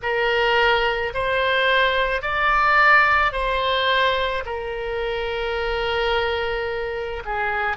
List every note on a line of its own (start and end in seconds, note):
0.02 1.13 A#4
1.14 2.22 C5
2.22 3.32 D5
3.32 4.43 C5
4.45 7.23 A#4
7.25 7.76 G#4